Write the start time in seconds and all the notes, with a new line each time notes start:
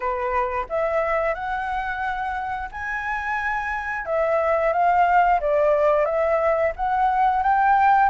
0.00 B4
0.69 E5
1.34 F#5
2.71 G#5
4.05 E5
4.72 F5
5.40 D5
6.05 E5
6.75 F#5
7.42 G5